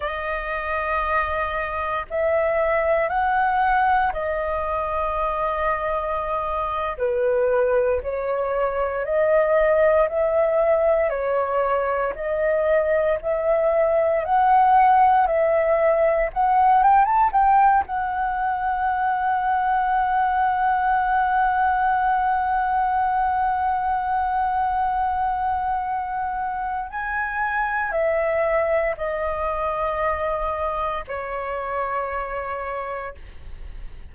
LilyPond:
\new Staff \with { instrumentName = "flute" } { \time 4/4 \tempo 4 = 58 dis''2 e''4 fis''4 | dis''2~ dis''8. b'4 cis''16~ | cis''8. dis''4 e''4 cis''4 dis''16~ | dis''8. e''4 fis''4 e''4 fis''16~ |
fis''16 g''16 a''16 g''8 fis''2~ fis''8.~ | fis''1~ | fis''2 gis''4 e''4 | dis''2 cis''2 | }